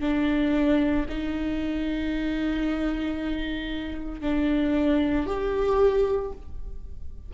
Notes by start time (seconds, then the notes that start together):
0.00 D4
1.09 D#4
4.21 D4
5.26 G4